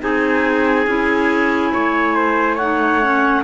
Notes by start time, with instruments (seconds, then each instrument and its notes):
0.00 cello C4, clarinet D#4 G#5, trumpet G#4
0.86 cello C#4, clarinet E4
1.72 cello A3, trumpet C#5
2.15 trumpet C5
2.55 clarinet D#4 F#5, trumpet C#5
3.01 clarinet C#4